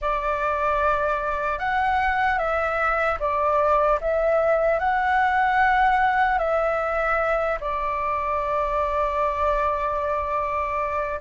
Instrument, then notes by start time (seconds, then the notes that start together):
flute
0.01 D5
1.59 F#5
2.38 E5
3.19 D5
4.00 E5
4.79 F#5
6.38 E5
7.60 D5